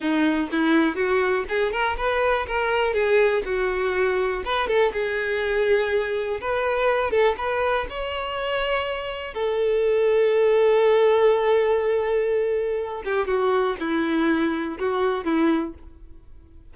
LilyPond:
\new Staff \with { instrumentName = "violin" } { \time 4/4 \tempo 4 = 122 dis'4 e'4 fis'4 gis'8 ais'8 | b'4 ais'4 gis'4 fis'4~ | fis'4 b'8 a'8 gis'2~ | gis'4 b'4. a'8 b'4 |
cis''2. a'4~ | a'1~ | a'2~ a'8 g'8 fis'4 | e'2 fis'4 e'4 | }